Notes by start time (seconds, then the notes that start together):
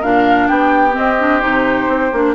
0.00 A#2 D4 A#4 F5
0.47 B3 G4 G5
0.91 C4 D#5
1.19 D4
1.40 C3 D#4 C5
1.87 C4
2.12 A#3 D4